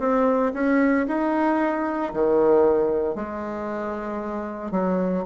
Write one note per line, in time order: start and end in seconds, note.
0.00 0.53 C4
0.54 1.06 C#4
1.08 2.13 D#4
2.13 3.15 D#3
3.15 4.71 G#3
4.71 5.24 F#3